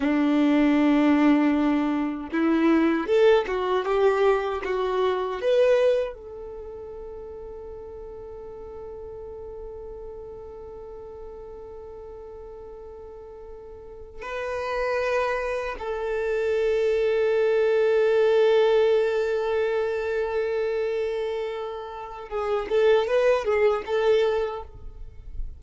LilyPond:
\new Staff \with { instrumentName = "violin" } { \time 4/4 \tempo 4 = 78 d'2. e'4 | a'8 fis'8 g'4 fis'4 b'4 | a'1~ | a'1~ |
a'2~ a'8 b'4.~ | b'8 a'2.~ a'8~ | a'1~ | a'4 gis'8 a'8 b'8 gis'8 a'4 | }